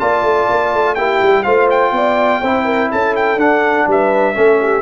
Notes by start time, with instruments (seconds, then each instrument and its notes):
0.00 tuba A#3, trombone F4, horn D5, trumpet A5
0.23 tuba A3
0.50 tuba A#3
0.74 tuba A3
0.95 tuba A#3, trombone E4, horn G4, trumpet G5
1.23 tuba G3
1.44 tuba A3, trombone F4, horn C5, trumpet F5
1.71 trumpet G5
1.92 tuba B3, horn D5
2.41 tuba C4, trombone E4, horn C5
2.65 horn A#4
2.92 tuba C#4, horn A4, trumpet A5
3.16 trumpet G5
3.37 tuba D4, trombone D4, trumpet F#5
3.88 tuba G3, horn B4, trumpet E5
4.35 tuba A3, trombone C#4, horn A4
4.61 horn G4